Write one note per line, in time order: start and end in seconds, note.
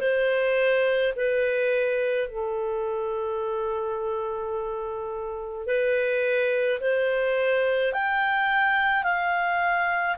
0.00 1.13 C5
1.16 2.28 B4
2.28 5.67 A4
5.67 6.80 B4
6.80 7.93 C5
7.93 9.03 G5
9.03 10.16 F5